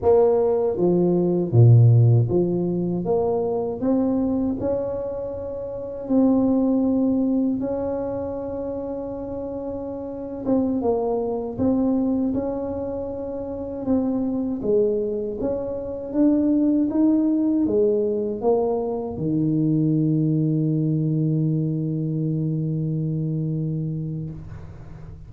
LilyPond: \new Staff \with { instrumentName = "tuba" } { \time 4/4 \tempo 4 = 79 ais4 f4 ais,4 f4 | ais4 c'4 cis'2 | c'2 cis'2~ | cis'4.~ cis'16 c'8 ais4 c'8.~ |
c'16 cis'2 c'4 gis8.~ | gis16 cis'4 d'4 dis'4 gis8.~ | gis16 ais4 dis2~ dis8.~ | dis1 | }